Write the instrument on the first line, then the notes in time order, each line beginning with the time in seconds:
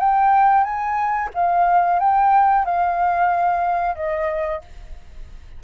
flute
0.00 G5
0.64 G#5
1.35 F5
2.00 G5
2.66 F5
3.96 D#5